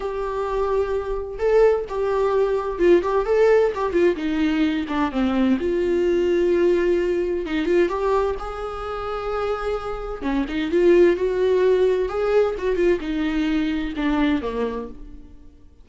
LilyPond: \new Staff \with { instrumentName = "viola" } { \time 4/4 \tempo 4 = 129 g'2. a'4 | g'2 f'8 g'8 a'4 | g'8 f'8 dis'4. d'8 c'4 | f'1 |
dis'8 f'8 g'4 gis'2~ | gis'2 cis'8 dis'8 f'4 | fis'2 gis'4 fis'8 f'8 | dis'2 d'4 ais4 | }